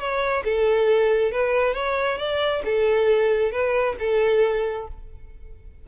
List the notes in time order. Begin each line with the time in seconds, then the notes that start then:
0.00 C#5
0.45 A4
1.32 B4
1.75 C#5
2.19 D5
2.65 A4
3.52 B4
4.00 A4